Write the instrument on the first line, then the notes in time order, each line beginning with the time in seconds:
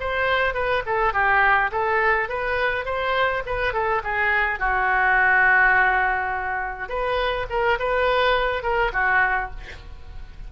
oboe
0.00 C5
0.54 B4
0.86 A4
1.13 G4
1.72 A4
2.29 B4
2.85 C5
3.46 B4
3.73 A4
4.04 G#4
4.59 F#4
6.89 B4
7.50 A#4
7.79 B4
8.63 A#4
8.93 F#4